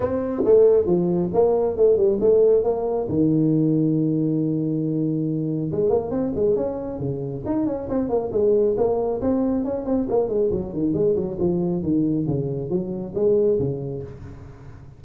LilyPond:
\new Staff \with { instrumentName = "tuba" } { \time 4/4 \tempo 4 = 137 c'4 a4 f4 ais4 | a8 g8 a4 ais4 dis4~ | dis1~ | dis4 gis8 ais8 c'8 gis8 cis'4 |
cis4 dis'8 cis'8 c'8 ais8 gis4 | ais4 c'4 cis'8 c'8 ais8 gis8 | fis8 dis8 gis8 fis8 f4 dis4 | cis4 fis4 gis4 cis4 | }